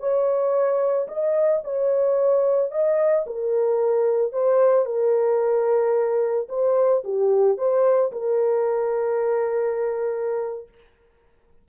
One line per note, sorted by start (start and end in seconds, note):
0.00 1.08 C#5
1.09 1.63 D#5
1.64 2.72 C#5
2.72 3.26 D#5
3.27 4.33 A#4
4.33 4.86 C5
4.86 6.48 A#4
6.49 7.03 C5
7.05 7.58 G4
7.58 8.12 C5
8.12 10.69 A#4